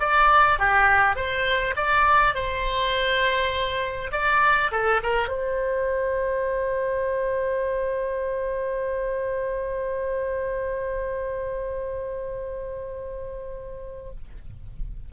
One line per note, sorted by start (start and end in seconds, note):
0.00 0.59 D5
0.59 1.16 G4
1.16 1.75 C5
1.76 2.35 D5
2.35 4.11 C5
4.12 4.71 D5
4.71 5.01 A4
5.03 5.28 A#4
5.28 14.11 C5